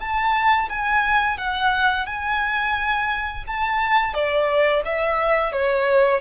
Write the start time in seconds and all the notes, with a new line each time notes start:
0.00 A5
0.69 G#5
1.38 F#5
2.06 G#5
3.47 A5
4.14 D5
4.85 E5
5.52 C#5